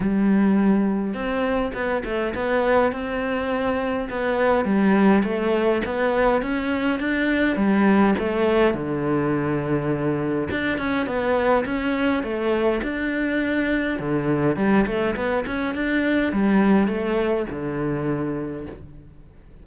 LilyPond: \new Staff \with { instrumentName = "cello" } { \time 4/4 \tempo 4 = 103 g2 c'4 b8 a8 | b4 c'2 b4 | g4 a4 b4 cis'4 | d'4 g4 a4 d4~ |
d2 d'8 cis'8 b4 | cis'4 a4 d'2 | d4 g8 a8 b8 cis'8 d'4 | g4 a4 d2 | }